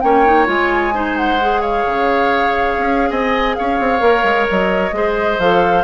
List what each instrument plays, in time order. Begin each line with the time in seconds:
0.00 bassoon A#3, clarinet C#4, oboe C#5, flute G5
0.25 clarinet D#4
0.46 bassoon G#3, clarinet F4, flute G#5
0.93 clarinet D#4, oboe C5
1.17 flute F#5
1.40 clarinet G#4
1.61 oboe C#5, flute F5
1.86 bassoon C#3
2.78 bassoon C#4
3.10 bassoon C4, oboe D#5, flute G#5
3.54 bassoon C#4, oboe C#5, flute F5
3.79 bassoon C4
4.00 bassoon A#3, clarinet A#4
4.23 bassoon G#3
4.50 bassoon F#3, flute D#5
4.92 bassoon G#3, clarinet G#4, oboe C5
5.39 bassoon F3, clarinet A4, flute F5